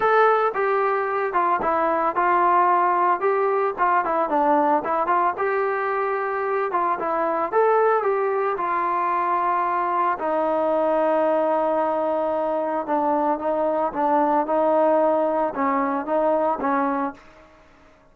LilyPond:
\new Staff \with { instrumentName = "trombone" } { \time 4/4 \tempo 4 = 112 a'4 g'4. f'8 e'4 | f'2 g'4 f'8 e'8 | d'4 e'8 f'8 g'2~ | g'8 f'8 e'4 a'4 g'4 |
f'2. dis'4~ | dis'1 | d'4 dis'4 d'4 dis'4~ | dis'4 cis'4 dis'4 cis'4 | }